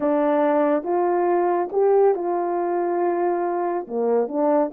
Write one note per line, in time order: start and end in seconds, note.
0.00 0.83 D4
0.83 1.69 F4
1.71 2.14 G4
2.14 3.86 F4
3.87 4.28 A#3
4.28 4.71 D4